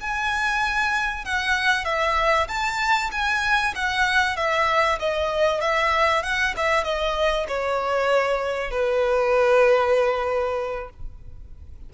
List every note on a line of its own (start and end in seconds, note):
0.00 1.25 G#5
1.25 1.85 F#5
1.85 2.47 E5
2.48 3.10 A5
3.11 3.74 G#5
3.75 4.36 F#5
4.36 4.98 E5
4.99 5.61 D#5
5.61 6.23 E5
6.23 6.54 F#5
6.57 6.84 E5
6.84 7.46 D#5
7.47 8.70 C#5
8.70 10.89 B4